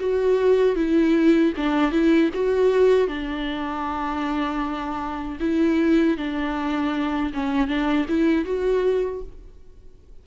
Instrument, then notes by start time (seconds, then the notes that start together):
viola
0.00 F#4
0.76 E4
1.57 D4
1.92 E4
2.34 F#4
3.08 D4
5.41 E4
6.17 D4
7.34 C#4
7.68 D4
8.09 E4
8.45 F#4